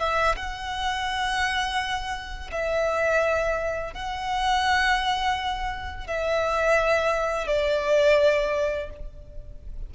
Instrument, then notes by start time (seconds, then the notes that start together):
violin
0.00 E5
0.36 F#5
2.52 E5
3.94 F#5
6.07 E5
7.47 D5